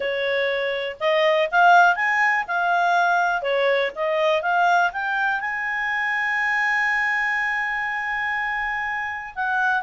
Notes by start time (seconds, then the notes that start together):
0.00 C#5
1.00 D#5
1.51 F5
1.95 G#5
2.47 F5
3.42 C#5
3.95 D#5
4.42 F5
4.92 G5
5.40 G#5
9.35 F#5